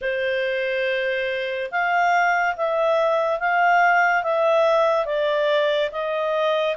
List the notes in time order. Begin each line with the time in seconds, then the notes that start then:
0.01 C5
1.71 F5
2.56 E5
3.39 F5
4.23 E5
5.05 D5
5.92 D#5